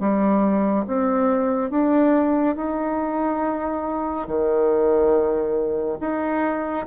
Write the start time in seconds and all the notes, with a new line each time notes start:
0.00 G3
0.87 C4
1.71 D4
2.56 D#4
4.27 D#3
6.01 D#4